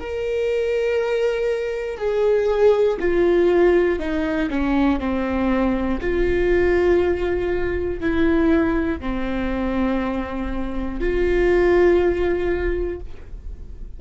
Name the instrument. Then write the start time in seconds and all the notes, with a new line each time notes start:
viola
0.00 A#4
1.97 G#4
3.00 F4
3.99 D#4
4.50 C#4
5.00 C4
6.00 F4
8.00 E4
9.00 C4
11.00 F4